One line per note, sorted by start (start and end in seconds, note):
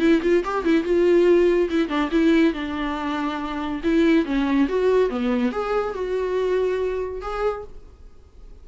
0.00 0.21 E4
0.23 0.44 F4
0.45 0.65 G4
0.65 0.84 E4
0.84 1.69 F4
1.70 1.89 E4
1.89 2.10 D4
2.12 2.54 E4
2.54 3.82 D4
3.84 4.26 E4
4.26 4.68 C#4
4.69 5.10 F#4
5.10 5.52 B3
5.52 5.94 G#4
5.94 7.22 F#4
7.22 7.64 G#4